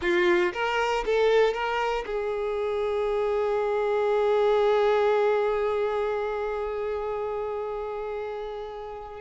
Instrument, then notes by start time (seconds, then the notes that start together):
violin
0.01 F4
0.53 A#4
1.05 A4
1.53 A#4
2.06 G#4